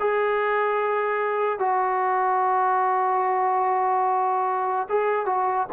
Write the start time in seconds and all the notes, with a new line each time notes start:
0.00 G#4
1.60 F#4
4.89 G#4
5.26 F#4